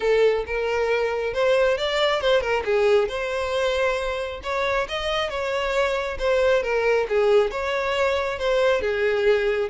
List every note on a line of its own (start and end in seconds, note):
0.00 0.44 A4
0.46 1.33 A#4
1.33 1.77 C5
1.77 2.21 D5
2.21 2.41 C5
2.41 2.63 A#4
2.64 3.08 G#4
3.08 4.40 C5
4.43 4.87 C#5
4.88 5.29 D#5
5.29 6.17 C#5
6.18 6.62 C5
6.62 7.06 A#4
7.08 7.50 G#4
7.50 8.38 C#5
8.38 8.81 C5
8.81 9.69 G#4